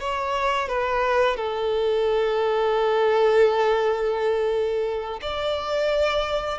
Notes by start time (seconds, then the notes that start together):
0.00 C#5
0.68 B4
1.36 A4
5.22 D5